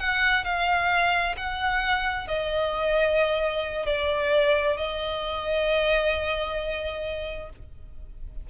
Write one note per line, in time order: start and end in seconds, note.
0.00 0.45 F#5
0.45 1.36 F5
1.37 2.28 F#5
2.28 3.86 D#5
3.86 4.77 D5
4.77 7.50 D#5